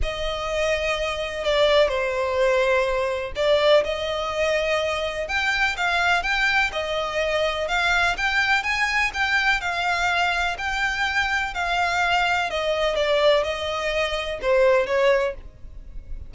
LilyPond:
\new Staff \with { instrumentName = "violin" } { \time 4/4 \tempo 4 = 125 dis''2. d''4 | c''2. d''4 | dis''2. g''4 | f''4 g''4 dis''2 |
f''4 g''4 gis''4 g''4 | f''2 g''2 | f''2 dis''4 d''4 | dis''2 c''4 cis''4 | }